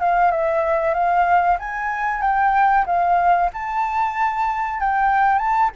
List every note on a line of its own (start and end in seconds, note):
0.00 0.31 F5
0.31 0.94 E5
0.94 1.58 F5
1.59 2.21 G#5
2.21 2.85 G5
2.86 3.50 F5
3.53 4.80 A5
4.80 5.38 G5
5.38 5.70 A5